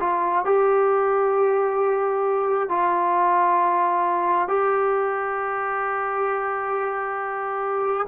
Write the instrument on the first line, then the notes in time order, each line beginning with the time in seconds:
trombone
0.00 F4
0.45 G4
2.69 F4
4.48 G4